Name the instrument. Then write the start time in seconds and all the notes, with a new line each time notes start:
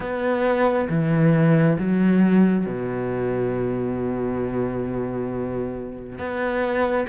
cello
0.00 B3
0.89 E3
1.78 F#3
2.66 B2
6.18 B3